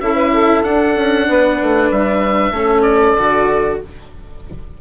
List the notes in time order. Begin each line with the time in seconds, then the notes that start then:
0.00 C#4 E4 A4 E5
0.15 B4
0.33 A4
0.63 D4 F#5
0.96 C#4
1.28 B3 B4
1.62 A3
1.91 G3 E5
2.51 A3 C#4 A4
2.82 D5
3.17 D3 F#4